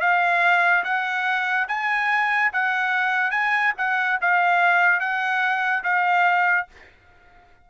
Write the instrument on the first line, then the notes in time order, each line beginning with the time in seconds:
trumpet
0.00 F5
0.83 F#5
1.67 G#5
2.52 F#5
3.31 G#5
3.77 F#5
4.21 F5
5.00 F#5
5.83 F5